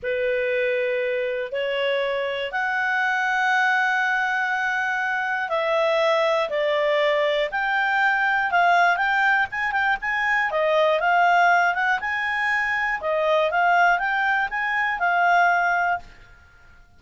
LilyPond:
\new Staff \with { instrumentName = "clarinet" } { \time 4/4 \tempo 4 = 120 b'2. cis''4~ | cis''4 fis''2.~ | fis''2. e''4~ | e''4 d''2 g''4~ |
g''4 f''4 g''4 gis''8 g''8 | gis''4 dis''4 f''4. fis''8 | gis''2 dis''4 f''4 | g''4 gis''4 f''2 | }